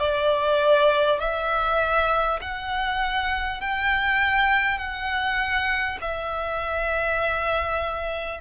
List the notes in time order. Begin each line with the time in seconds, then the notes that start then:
0.00 D5
1.19 E5
2.41 F#5
3.61 G5
4.78 F#5
6.01 E5